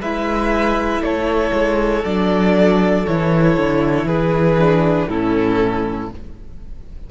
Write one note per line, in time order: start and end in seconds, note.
0.00 1.00 G#3
0.00 2.05 E4
0.00 1.02 B4
0.00 1.03 E5
1.00 1.51 A3
1.00 4.06 A4
1.00 2.04 C#5
1.53 2.04 G#3
2.04 3.06 F#3
2.04 3.06 D4
2.04 3.05 D5
3.05 3.57 E3
3.05 4.58 E4
3.05 4.07 C#5
3.57 4.04 D3
4.04 5.06 E3
4.04 5.08 G#4
4.04 5.09 B4
4.58 5.08 D4
5.08 6.10 A2
5.08 6.10 C#4
5.08 6.10 E4
5.08 6.10 A4